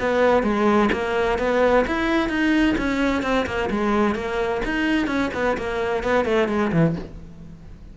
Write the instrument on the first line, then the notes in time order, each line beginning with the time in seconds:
cello
0.00 B3
0.43 G#3
0.93 A#3
1.39 B3
1.87 E4
2.29 D#4
2.78 C#4
3.23 C4
3.47 A#3
3.71 G#3
4.15 A#3
4.65 D#4
5.08 C#4
5.34 B3
5.58 A#3
6.04 B3
6.25 A3
6.48 G#3
6.73 E3